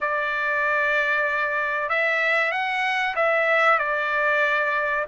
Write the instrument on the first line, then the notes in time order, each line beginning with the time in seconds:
trumpet
0.01 D5
1.89 E5
2.51 F#5
3.16 E5
3.78 D5